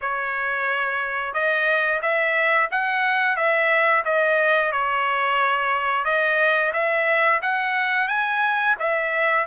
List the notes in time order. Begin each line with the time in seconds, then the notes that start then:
0.01 C#5
1.33 D#5
2.01 E5
2.71 F#5
3.36 E5
4.04 D#5
4.72 C#5
6.05 D#5
6.73 E5
7.42 F#5
8.07 G#5
8.79 E5